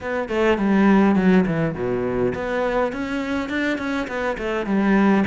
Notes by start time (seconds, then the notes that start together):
0.00 B3
0.29 A3
0.57 G3
1.15 F#3
1.46 E3
1.74 B2
2.34 B3
2.92 C#4
3.49 D4
3.78 C#4
4.07 B3
4.37 A3
4.65 G3